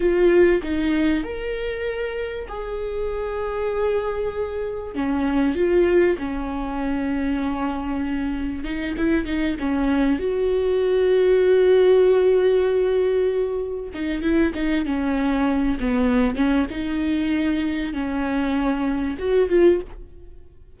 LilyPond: \new Staff \with { instrumentName = "viola" } { \time 4/4 \tempo 4 = 97 f'4 dis'4 ais'2 | gis'1 | cis'4 f'4 cis'2~ | cis'2 dis'8 e'8 dis'8 cis'8~ |
cis'8 fis'2.~ fis'8~ | fis'2~ fis'8 dis'8 e'8 dis'8 | cis'4. b4 cis'8 dis'4~ | dis'4 cis'2 fis'8 f'8 | }